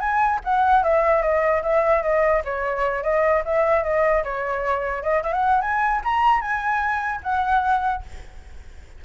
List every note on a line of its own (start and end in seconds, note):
0.00 0.40 G#5
0.44 0.83 F#5
0.83 1.22 E5
1.22 1.62 D#5
1.63 2.02 E5
2.02 2.42 D#5
2.45 3.03 C#5
3.03 3.43 D#5
3.45 3.83 E5
3.83 4.23 D#5
4.24 5.03 C#5
5.03 5.22 D#5
5.23 5.33 E5
5.33 5.61 F#5
5.61 6.01 G#5
6.04 6.41 A#5
6.41 7.21 G#5
7.23 8.03 F#5